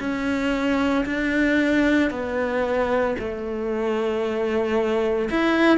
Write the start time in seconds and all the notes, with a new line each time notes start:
0.00 C#4
1.06 D4
2.11 B3
3.19 A3
5.31 E4